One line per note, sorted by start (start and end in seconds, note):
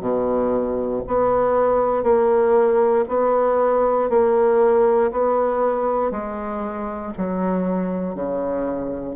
0.00 1.02 B2
1.07 2.02 B3
2.02 3.04 A#3
3.08 4.09 B3
4.09 5.11 A#3
5.11 6.11 B3
6.11 7.13 G#3
7.17 8.14 F#3
8.14 9.15 C#3